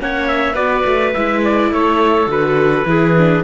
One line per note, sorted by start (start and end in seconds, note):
0.00 0.54 A#3
0.00 0.55 C#4
0.00 0.53 C#5
0.00 0.28 F#5
0.28 0.56 E5
0.53 0.83 B3
0.53 1.12 F#4
0.53 1.69 B4
0.53 1.13 D5
0.85 1.14 A3
1.14 1.72 G#3
1.14 2.27 E4
1.14 1.43 E5
1.44 1.73 D5
1.72 2.26 A3
1.72 2.87 A4
1.72 2.31 C#5
2.26 2.84 D3
2.26 2.85 F#4
2.26 3.44 B4
2.85 3.43 E3
2.85 3.15 E4
2.85 3.44 G#4
3.18 3.44 D4